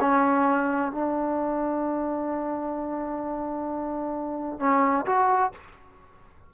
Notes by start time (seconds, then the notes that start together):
0.00 C#4
0.91 D4
4.59 C#4
5.05 F#4